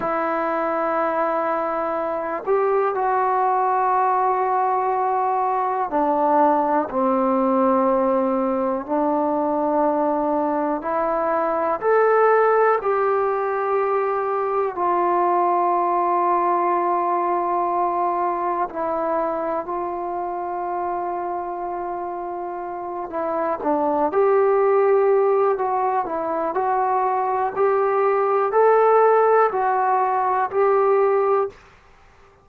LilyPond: \new Staff \with { instrumentName = "trombone" } { \time 4/4 \tempo 4 = 61 e'2~ e'8 g'8 fis'4~ | fis'2 d'4 c'4~ | c'4 d'2 e'4 | a'4 g'2 f'4~ |
f'2. e'4 | f'2.~ f'8 e'8 | d'8 g'4. fis'8 e'8 fis'4 | g'4 a'4 fis'4 g'4 | }